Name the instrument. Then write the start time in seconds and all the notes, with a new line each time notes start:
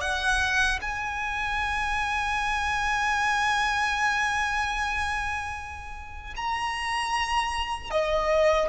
violin
0.00 F#5
0.81 G#5
6.36 A#5
7.91 D#5